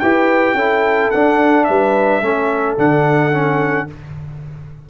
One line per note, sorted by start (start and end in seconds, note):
0.00 0.54 E4
0.00 0.58 G4
0.00 0.55 B4
0.00 1.11 G5
0.54 1.10 C#4
0.54 1.14 E4
0.54 1.67 A4
1.11 1.69 D4
1.11 2.23 D4
1.11 1.65 F#5
1.65 2.22 G3
1.65 2.23 B4
1.65 2.76 E5
2.22 2.78 A3
2.22 2.78 C#4
2.22 3.89 A4
2.78 3.90 D3
2.78 3.32 D4
2.78 3.90 F#5
3.32 3.88 C#4